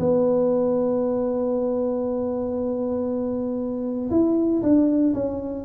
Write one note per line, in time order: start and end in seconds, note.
0.00 4.10 B3
4.11 4.62 E4
4.62 5.14 D4
5.14 5.65 C#4